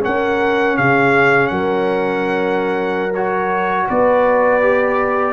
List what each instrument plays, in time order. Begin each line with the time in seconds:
0.00 trombone C#4, horn A#4, trumpet F#5
0.06 tuba C#4
0.77 tuba C#3, horn G#4, trumpet F5
1.47 tuba F#3, horn A#4, trumpet F#5
3.15 trombone F#4, trumpet C#5
3.88 tuba B3, horn B4, trumpet D5
4.62 trombone G4